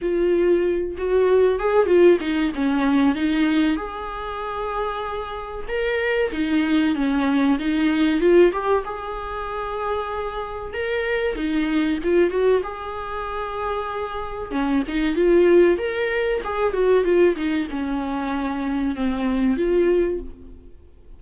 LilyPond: \new Staff \with { instrumentName = "viola" } { \time 4/4 \tempo 4 = 95 f'4. fis'4 gis'8 f'8 dis'8 | cis'4 dis'4 gis'2~ | gis'4 ais'4 dis'4 cis'4 | dis'4 f'8 g'8 gis'2~ |
gis'4 ais'4 dis'4 f'8 fis'8 | gis'2. cis'8 dis'8 | f'4 ais'4 gis'8 fis'8 f'8 dis'8 | cis'2 c'4 f'4 | }